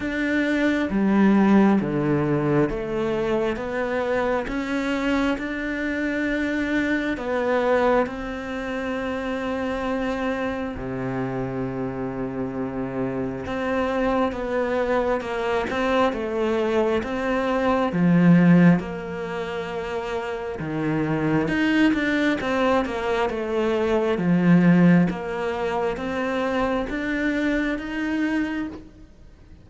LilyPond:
\new Staff \with { instrumentName = "cello" } { \time 4/4 \tempo 4 = 67 d'4 g4 d4 a4 | b4 cis'4 d'2 | b4 c'2. | c2. c'4 |
b4 ais8 c'8 a4 c'4 | f4 ais2 dis4 | dis'8 d'8 c'8 ais8 a4 f4 | ais4 c'4 d'4 dis'4 | }